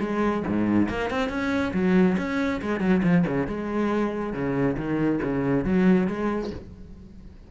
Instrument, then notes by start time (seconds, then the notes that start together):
cello
0.00 G#3
0.47 G#2
0.89 A#3
1.10 C4
1.29 C#4
1.74 F#3
2.18 C#4
2.62 G#3
2.80 F#3
3.03 F3
3.27 C#3
3.47 G#3
4.33 C#3
4.77 D#3
5.23 C#3
5.65 F#3
6.08 G#3